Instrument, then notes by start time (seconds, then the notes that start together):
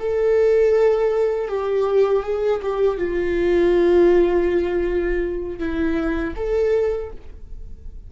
viola
0.00 A4
1.49 G4
2.24 G#4
2.62 G4
2.98 F4
5.59 E4
6.36 A4